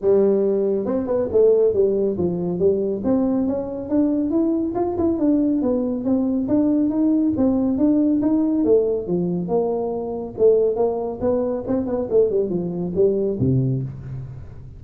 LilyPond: \new Staff \with { instrumentName = "tuba" } { \time 4/4 \tempo 4 = 139 g2 c'8 b8 a4 | g4 f4 g4 c'4 | cis'4 d'4 e'4 f'8 e'8 | d'4 b4 c'4 d'4 |
dis'4 c'4 d'4 dis'4 | a4 f4 ais2 | a4 ais4 b4 c'8 b8 | a8 g8 f4 g4 c4 | }